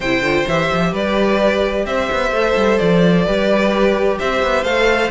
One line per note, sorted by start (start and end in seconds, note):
0.00 0.21 C3
0.00 0.24 E4
0.00 0.90 C5
0.00 0.47 G5
0.21 0.45 D3
0.21 0.47 F4
0.47 0.70 E3
0.47 2.35 G4
0.47 0.94 E5
0.72 0.92 F3
0.92 1.85 G3
0.92 1.85 B4
0.92 1.86 D5
1.85 2.08 C4
1.85 3.25 C5
1.85 2.78 E5
2.11 2.31 B3
2.31 2.54 A3
2.31 3.26 A4
2.56 2.79 G3
2.78 3.26 F3
2.78 4.18 D5
3.25 4.19 G3
3.25 4.65 G4
3.25 4.18 B4
4.19 4.43 C4
4.19 5.11 C5
4.19 4.64 E5
4.43 4.63 B3
4.63 5.10 A3
4.63 5.11 A4
4.63 5.10 F5